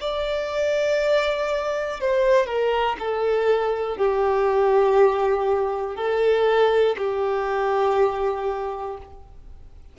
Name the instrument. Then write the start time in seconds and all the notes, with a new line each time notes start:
violin
0.00 D5
2.00 C5
2.46 A#4
2.99 A4
3.97 G4
5.95 A4
6.98 G4